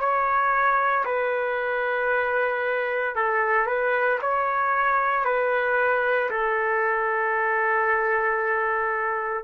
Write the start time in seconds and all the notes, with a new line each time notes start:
0.00 C#5
1.05 B4
3.16 A4
3.67 B4
4.22 C#5
5.25 B4
6.31 A4